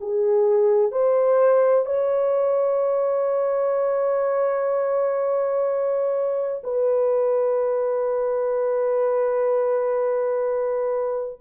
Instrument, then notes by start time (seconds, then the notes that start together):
horn
0.00 G#4
0.91 C5
1.85 C#5
6.63 B4